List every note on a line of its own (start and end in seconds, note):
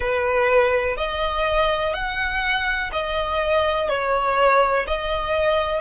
0.00 0.96 B4
0.96 1.93 D#5
1.93 2.90 F#5
2.92 3.89 D#5
3.89 4.86 C#5
4.87 5.81 D#5